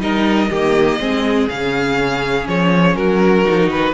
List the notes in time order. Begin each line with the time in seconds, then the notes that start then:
0.00 G3 D#4 A#4 D#5
0.49 D#3 A#3 G4
0.99 G#3 C4 G#4
1.48 C#3 C#4 F5
2.47 F3 C#5
2.95 F#3 F#4 A#4
3.45 F3 D#4
3.67 D#3 B4